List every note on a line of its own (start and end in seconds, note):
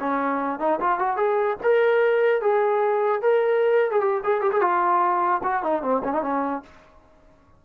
0.00 0.59 C#4
0.59 0.80 D#4
0.80 0.99 F4
0.99 1.17 F#4
1.17 1.57 G#4
1.63 2.41 A#4
2.41 3.22 G#4
3.22 3.91 A#4
3.91 4.01 G#4
4.01 4.21 G4
4.24 4.41 G#4
4.41 4.51 G4
4.52 4.61 G#4
4.61 5.42 F4
5.43 5.63 F#4
5.63 5.82 D#4
5.82 6.02 C4
6.04 6.13 C#4
6.13 6.23 D#4
6.23 6.63 C#4